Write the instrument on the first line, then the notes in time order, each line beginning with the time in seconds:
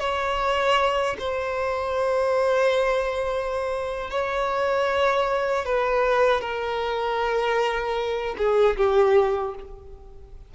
violin
0.00 C#5
1.19 C5
4.11 C#5
5.65 B4
6.41 A#4
8.38 G#4
8.77 G4